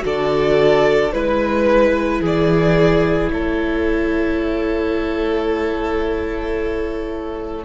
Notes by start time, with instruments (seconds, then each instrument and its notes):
0.00 cello D3, viola F#4, violin A4 D5
1.12 cello G#3, viola E4, violin B4
2.20 cello E3, violin G#4 D5
3.28 cello A3, violin A4 C#5